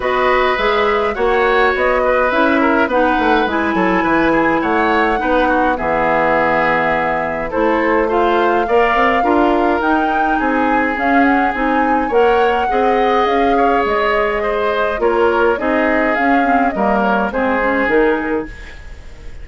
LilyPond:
<<
  \new Staff \with { instrumentName = "flute" } { \time 4/4 \tempo 4 = 104 dis''4 e''4 fis''4 dis''4 | e''4 fis''4 gis''2 | fis''2 e''2~ | e''4 c''4 f''2~ |
f''4 g''4 gis''4 f''8 fis''8 | gis''4 fis''2 f''4 | dis''2 cis''4 dis''4 | f''4 dis''8 cis''8 c''4 ais'4 | }
  \new Staff \with { instrumentName = "oboe" } { \time 4/4 b'2 cis''4. b'8~ | b'8 ais'8 b'4. a'8 b'8 gis'8 | cis''4 b'8 fis'8 gis'2~ | gis'4 a'4 c''4 d''4 |
ais'2 gis'2~ | gis'4 cis''4 dis''4. cis''8~ | cis''4 c''4 ais'4 gis'4~ | gis'4 ais'4 gis'2 | }
  \new Staff \with { instrumentName = "clarinet" } { \time 4/4 fis'4 gis'4 fis'2 | e'4 dis'4 e'2~ | e'4 dis'4 b2~ | b4 e'4 f'4 ais'4 |
f'4 dis'2 cis'4 | dis'4 ais'4 gis'2~ | gis'2 f'4 dis'4 | cis'8 c'8 ais4 c'8 cis'8 dis'4 | }
  \new Staff \with { instrumentName = "bassoon" } { \time 4/4 b4 gis4 ais4 b4 | cis'4 b8 a8 gis8 fis8 e4 | a4 b4 e2~ | e4 a2 ais8 c'8 |
d'4 dis'4 c'4 cis'4 | c'4 ais4 c'4 cis'4 | gis2 ais4 c'4 | cis'4 g4 gis4 dis4 | }
>>